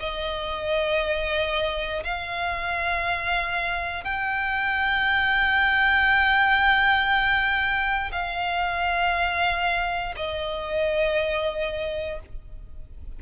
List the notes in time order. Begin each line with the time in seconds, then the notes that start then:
0.00 D#5
2.04 F5
4.04 G5
8.12 F5
10.16 D#5